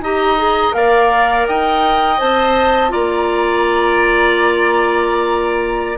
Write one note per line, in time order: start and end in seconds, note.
0.00 0.72 D#4
0.00 0.38 G4
0.00 0.76 D#5
0.00 0.74 A#5
0.38 0.73 G#4
0.73 1.46 A#3
0.73 2.17 A#4
0.73 1.48 D5
0.73 1.46 F5
1.48 2.21 D#4
1.48 2.92 D#5
1.48 2.19 G5
2.18 2.93 C4
2.18 2.89 C5
2.18 2.91 A5
2.89 5.97 A#3
2.89 5.96 F4
2.89 5.97 D5
2.89 5.97 A#5